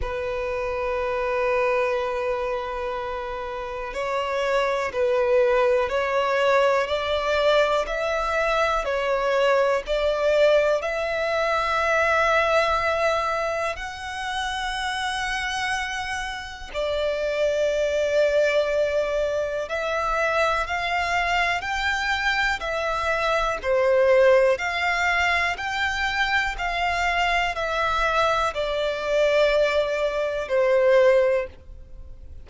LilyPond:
\new Staff \with { instrumentName = "violin" } { \time 4/4 \tempo 4 = 61 b'1 | cis''4 b'4 cis''4 d''4 | e''4 cis''4 d''4 e''4~ | e''2 fis''2~ |
fis''4 d''2. | e''4 f''4 g''4 e''4 | c''4 f''4 g''4 f''4 | e''4 d''2 c''4 | }